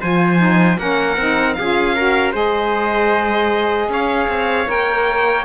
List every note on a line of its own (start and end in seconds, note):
0.00 0.78 F3
0.00 0.37 F4
0.00 0.78 C5
0.00 0.78 G#5
0.37 0.76 D#4
0.77 1.16 A#3
0.77 1.16 C#4
0.77 1.57 A#4
0.77 1.53 F#5
1.16 1.55 C4
1.16 1.58 D#4
1.53 1.97 F4
1.53 1.95 G#4
1.53 2.31 F5
1.59 2.34 C#4
1.95 2.32 F#4
1.95 2.32 A#4
2.32 3.88 G#3
2.32 4.66 G#4
2.32 3.88 C5
2.32 3.91 D#5
3.88 4.27 C#4
3.88 5.44 C#5
3.88 4.70 F5
4.28 4.67 C4
4.66 5.44 A#3
4.66 5.44 A#4
4.66 5.44 G5